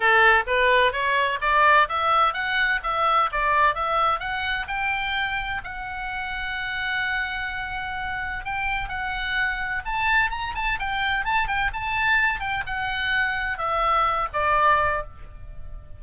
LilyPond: \new Staff \with { instrumentName = "oboe" } { \time 4/4 \tempo 4 = 128 a'4 b'4 cis''4 d''4 | e''4 fis''4 e''4 d''4 | e''4 fis''4 g''2 | fis''1~ |
fis''2 g''4 fis''4~ | fis''4 a''4 ais''8 a''8 g''4 | a''8 g''8 a''4. g''8 fis''4~ | fis''4 e''4. d''4. | }